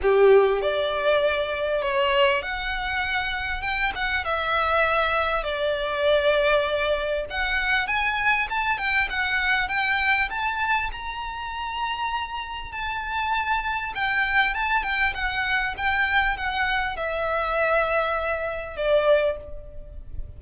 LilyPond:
\new Staff \with { instrumentName = "violin" } { \time 4/4 \tempo 4 = 99 g'4 d''2 cis''4 | fis''2 g''8 fis''8 e''4~ | e''4 d''2. | fis''4 gis''4 a''8 g''8 fis''4 |
g''4 a''4 ais''2~ | ais''4 a''2 g''4 | a''8 g''8 fis''4 g''4 fis''4 | e''2. d''4 | }